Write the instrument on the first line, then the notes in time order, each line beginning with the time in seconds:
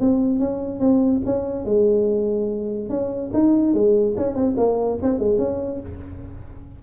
tuba
0.00 C4
0.39 C#4
0.80 C4
1.25 C#4
1.65 G#3
2.89 C#4
3.33 D#4
3.74 G#3
4.17 C#4
4.35 C4
4.57 A#3
5.02 C4
5.19 G#3
5.38 C#4